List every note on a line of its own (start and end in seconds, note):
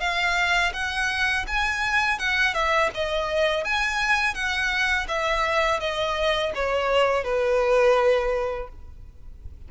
0.00 0.72 F5
0.73 1.46 F#5
1.47 2.19 G#5
2.19 2.54 F#5
2.54 2.90 E5
2.95 3.64 D#5
3.64 4.34 G#5
4.34 5.07 F#5
5.08 5.80 E5
5.80 6.53 D#5
6.55 7.24 C#5
7.24 8.68 B4